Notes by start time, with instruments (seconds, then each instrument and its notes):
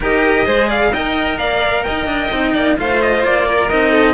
0.00 cello D#4 G4, violin A#4, trumpet D#5
0.45 cello G#3 G#4, violin C5
0.67 violin D5, trumpet F5
0.92 cello D#4 A#4, violin D#5, trumpet G5
1.38 cello A#3, violin D5, trumpet F5
1.83 cello D#4, violin D#5, trumpet G5
2.05 cello D4
2.31 cello C4 D#4
2.53 cello A#3, violin D5
2.77 cello A3 F4, violin C5, trumpet F5
3.01 trumpet D#5
3.24 cello A#3, trumpet D5
3.47 violin A#4
3.69 cello C4 D#4, trumpet D#5
3.90 violin A4